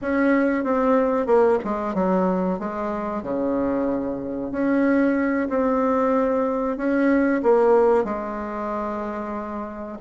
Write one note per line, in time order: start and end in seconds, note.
0.01 0.64 C#4
0.64 1.26 C4
1.26 1.58 A#3
1.64 1.94 G#3
1.94 2.59 F#3
2.59 3.22 G#3
3.22 4.51 C#3
4.51 5.48 C#4
5.49 6.77 C4
6.77 7.41 C#4
7.43 8.04 A#3
8.04 9.97 G#3